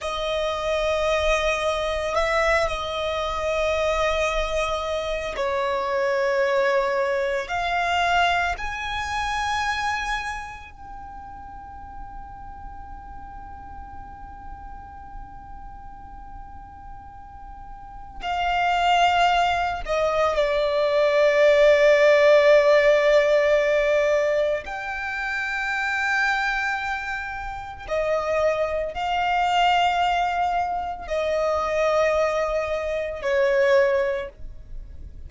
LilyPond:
\new Staff \with { instrumentName = "violin" } { \time 4/4 \tempo 4 = 56 dis''2 e''8 dis''4.~ | dis''4 cis''2 f''4 | gis''2 g''2~ | g''1~ |
g''4 f''4. dis''8 d''4~ | d''2. g''4~ | g''2 dis''4 f''4~ | f''4 dis''2 cis''4 | }